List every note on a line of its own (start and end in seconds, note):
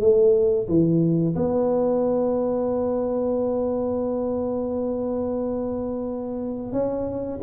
0.00 0.67 A3
0.67 1.35 E3
1.35 6.72 B3
6.72 7.39 C#4